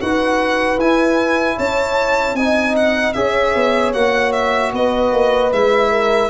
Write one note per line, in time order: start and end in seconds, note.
0.00 0.78 D#4
0.00 0.79 F#4
0.00 1.57 B4
0.00 0.80 F#5
0.78 1.57 E4
0.78 2.38 E4
0.78 1.59 G#5
1.57 2.34 C#4
1.57 2.36 C#5
1.57 2.36 A5
2.34 3.13 C4
2.34 3.15 D#4
2.34 3.16 D#5
2.34 2.75 G#5
2.76 3.13 F#5
3.13 3.55 C#4
3.13 3.94 G#4
3.13 4.74 C#5
3.13 3.92 E5
3.55 3.94 B3
3.94 4.73 A#3
3.94 5.52 F#4
3.94 4.32 F#5
4.32 4.72 E5
4.73 5.12 B3
4.73 5.91 B4
4.73 5.53 D#5
5.12 5.52 A#3
5.53 6.30 G#3
5.53 6.30 E4
5.53 6.30 E5
5.91 6.30 A#4